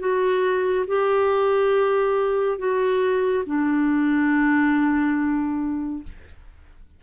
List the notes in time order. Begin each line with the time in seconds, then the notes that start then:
0.00 F#4
0.87 G4
2.59 F#4
3.46 D4